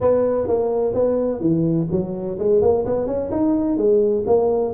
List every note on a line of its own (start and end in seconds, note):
0.00 0.47 B3
0.47 0.94 A#3
0.94 1.40 B3
1.40 1.87 E3
1.91 2.38 F#3
2.38 2.61 G#3
2.61 2.85 A#3
2.85 3.06 B3
3.06 3.30 C#4
3.31 3.77 D#4
3.77 4.24 G#3
4.26 4.74 A#3